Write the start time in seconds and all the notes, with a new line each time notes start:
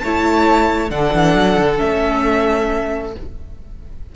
0.00 A3 E4 C#5 A5
0.89 D3 D4 A4 F#5
1.13 E3
1.34 F#3
1.57 D3
1.77 A3 C#4 E5